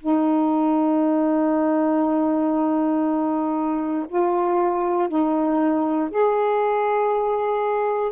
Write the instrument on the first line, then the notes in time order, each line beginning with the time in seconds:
saxophone
0.00 D#4
4.09 F4
5.09 D#4
6.11 G#4